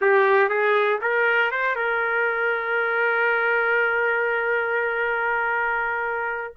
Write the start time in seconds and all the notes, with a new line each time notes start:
0.01 G4
0.49 G#4
1.01 A#4
1.51 C5
1.75 A#4